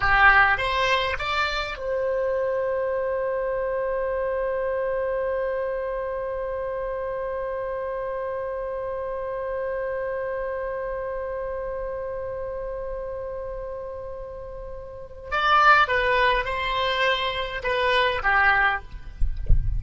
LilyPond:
\new Staff \with { instrumentName = "oboe" } { \time 4/4 \tempo 4 = 102 g'4 c''4 d''4 c''4~ | c''1~ | c''1~ | c''1~ |
c''1~ | c''1~ | c''2 d''4 b'4 | c''2 b'4 g'4 | }